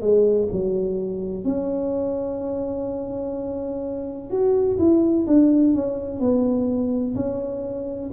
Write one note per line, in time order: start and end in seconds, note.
0.00 0.48 G#3
0.52 1.45 F#3
1.45 4.30 C#4
4.30 4.78 F#4
4.78 5.26 E4
5.27 5.74 D4
5.74 6.19 C#4
6.19 7.15 B3
7.15 8.10 C#4